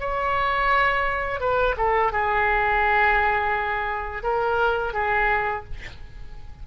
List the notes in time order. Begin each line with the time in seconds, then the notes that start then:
0.00 C#5
1.41 B4
1.77 A4
2.12 G#4
4.24 A#4
4.94 G#4